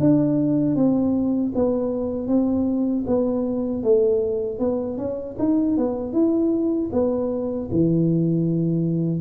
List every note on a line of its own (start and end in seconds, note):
0.00 0.76 D4
0.76 1.52 C4
1.55 2.28 B3
2.28 3.05 C4
3.07 3.83 B3
3.83 4.59 A3
4.59 4.98 B3
4.98 5.36 C#4
5.39 5.77 D#4
5.77 6.13 B3
6.13 6.90 E4
6.92 7.69 B3
7.71 9.20 E3